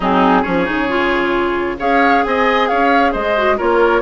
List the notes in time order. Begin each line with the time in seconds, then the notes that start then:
0.00 F#3 C4 D#4 G#4
0.41 F3 C#4 G#4 C#5
0.65 C#3 D#4
0.88 F4
1.78 C#4 G#4 C#5 F5
2.23 C4 D#5 G#5
2.67 C#4 C#5 F5
3.11 G#3 C5 D#5
3.36 F#4
3.57 A#3 F4 A#4 C#5